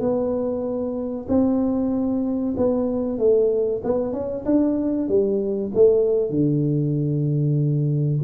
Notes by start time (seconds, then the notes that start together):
0.00 B3
1.28 C4
2.57 B3
3.18 A3
3.84 B3
4.13 C#4
4.45 D4
5.08 G3
5.74 A3
6.30 D3